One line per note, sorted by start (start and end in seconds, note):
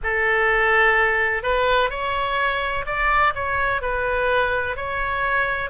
0.03 1.42 A4
1.42 1.90 B4
1.90 2.85 C#5
2.86 3.33 D5
3.35 3.81 C#5
3.81 4.76 B4
4.76 5.69 C#5